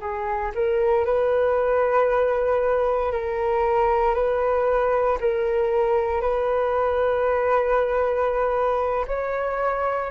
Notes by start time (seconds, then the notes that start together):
0.00 G#4
0.55 A#4
1.05 B4
3.12 A#4
4.15 B4
5.21 A#4
6.22 B4
9.08 C#5